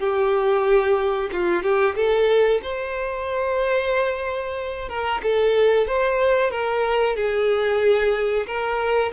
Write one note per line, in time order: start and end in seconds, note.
0.00 1.30 G4
1.33 1.63 F4
1.63 1.96 G4
1.96 2.61 A4
2.63 4.89 C5
4.89 5.22 A#4
5.23 5.88 A4
5.88 6.51 C5
6.51 7.16 A#4
7.17 8.47 G#4
8.47 9.12 A#4